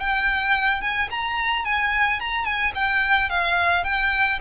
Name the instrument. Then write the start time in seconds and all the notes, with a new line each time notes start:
violin
0.00 G5
0.81 G#5
1.10 A#5
1.65 G#5
2.20 A#5
2.45 G#5
2.75 G5
3.30 F5
3.84 G5